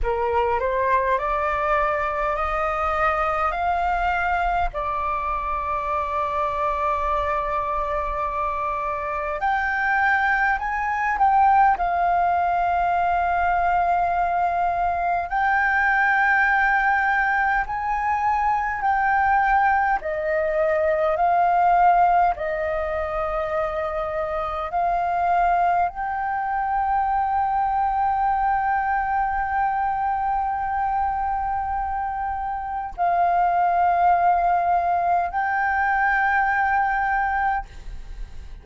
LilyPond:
\new Staff \with { instrumentName = "flute" } { \time 4/4 \tempo 4 = 51 ais'8 c''8 d''4 dis''4 f''4 | d''1 | g''4 gis''8 g''8 f''2~ | f''4 g''2 gis''4 |
g''4 dis''4 f''4 dis''4~ | dis''4 f''4 g''2~ | g''1 | f''2 g''2 | }